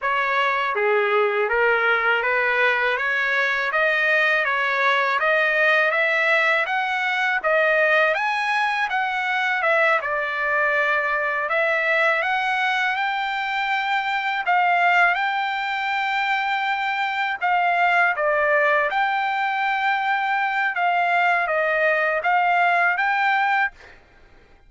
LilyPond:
\new Staff \with { instrumentName = "trumpet" } { \time 4/4 \tempo 4 = 81 cis''4 gis'4 ais'4 b'4 | cis''4 dis''4 cis''4 dis''4 | e''4 fis''4 dis''4 gis''4 | fis''4 e''8 d''2 e''8~ |
e''8 fis''4 g''2 f''8~ | f''8 g''2. f''8~ | f''8 d''4 g''2~ g''8 | f''4 dis''4 f''4 g''4 | }